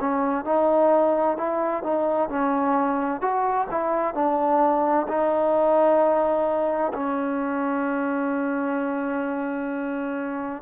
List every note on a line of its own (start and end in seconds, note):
0.00 0.45 C#4
0.45 1.37 D#4
1.37 1.83 E4
1.83 2.29 D#4
2.29 3.21 C#4
3.21 3.67 F#4
3.70 4.14 E4
4.14 5.06 D4
5.08 6.92 D#4
6.93 10.62 C#4